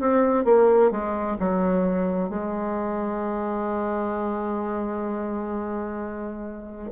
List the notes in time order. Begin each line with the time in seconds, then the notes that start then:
0.00 C4
0.45 A#3
0.91 G#3
1.40 F#3
2.30 G#3